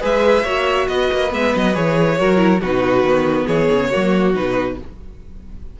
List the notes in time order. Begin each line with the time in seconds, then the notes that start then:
0.00 G#3 G#4 B4 E5
0.43 A#3 F#4 C#5
0.87 B3 B4 D#5
1.12 A#3
1.29 G#3 B3 E5
1.55 F#3 D#5
1.73 E3 G#4 C#5
2.18 F#3 F#4 A#4
2.37 E4
2.61 B2 D#4 F#4 B4
3.02 D#3 B3
3.46 E3 G#4 C#5
3.71 C#3
3.90 F#3 A#3 F#4
4.33 B2 D#4 B4